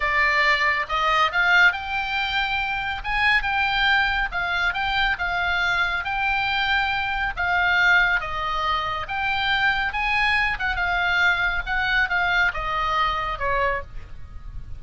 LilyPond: \new Staff \with { instrumentName = "oboe" } { \time 4/4 \tempo 4 = 139 d''2 dis''4 f''4 | g''2. gis''4 | g''2 f''4 g''4 | f''2 g''2~ |
g''4 f''2 dis''4~ | dis''4 g''2 gis''4~ | gis''8 fis''8 f''2 fis''4 | f''4 dis''2 cis''4 | }